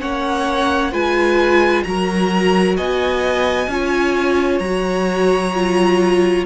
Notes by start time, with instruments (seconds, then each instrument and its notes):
0.00 cello A#3, viola C#4, violin C#5 F#5
0.91 cello G#3, viola F4, violin B4 G#5
1.83 cello F#3, viola F#4, violin A#4 A#5
2.77 cello B3, violin D#5 G#5
3.68 cello C#4, viola F4, violin C#5
4.59 cello F#3, viola F#4, violin A#5
5.55 viola F4